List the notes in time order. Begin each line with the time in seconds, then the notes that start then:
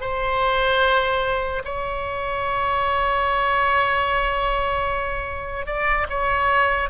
0.00 C5
1.64 C#5
5.66 D5
6.09 C#5